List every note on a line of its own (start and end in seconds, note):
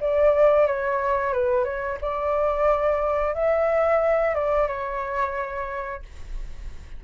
0.00 0.66 D5
0.66 1.33 C#5
1.33 1.64 B4
1.64 1.98 C#5
2.01 3.34 D5
3.34 4.35 E5
4.35 4.67 D5
4.67 6.02 C#5